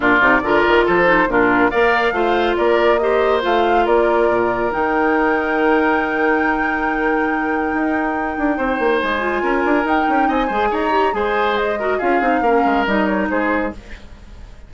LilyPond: <<
  \new Staff \with { instrumentName = "flute" } { \time 4/4 \tempo 4 = 140 d''2 c''4 ais'4 | f''2 d''4 dis''4 | f''4 d''2 g''4~ | g''1~ |
g''1~ | g''4 gis''2 g''4 | gis''4 ais''4 gis''4 dis''4 | f''2 dis''8 cis''8 c''4 | }
  \new Staff \with { instrumentName = "oboe" } { \time 4/4 f'4 ais'4 a'4 f'4 | d''4 c''4 ais'4 c''4~ | c''4 ais'2.~ | ais'1~ |
ais'1 | c''2 ais'2 | dis''8 c''8 cis''4 c''4. ais'8 | gis'4 ais'2 gis'4 | }
  \new Staff \with { instrumentName = "clarinet" } { \time 4/4 d'8 dis'8 f'4. dis'8 d'4 | ais'4 f'2 g'4 | f'2. dis'4~ | dis'1~ |
dis'1~ | dis'4. f'4. dis'4~ | dis'8 gis'4 g'8 gis'4. fis'8 | f'8 dis'8 cis'4 dis'2 | }
  \new Staff \with { instrumentName = "bassoon" } { \time 4/4 ais,8 c8 d8 dis8 f4 ais,4 | ais4 a4 ais2 | a4 ais4 ais,4 dis4~ | dis1~ |
dis2 dis'4. d'8 | c'8 ais8 gis4 cis'8 d'8 dis'8 cis'8 | c'8 gis8 dis'4 gis2 | cis'8 c'8 ais8 gis8 g4 gis4 | }
>>